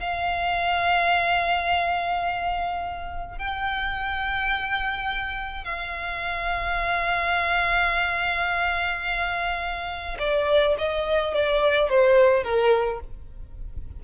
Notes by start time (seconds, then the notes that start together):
0.00 F5
3.39 G5
5.65 F5
10.19 D5
10.78 D#5
11.34 D5
11.89 C5
12.44 A#4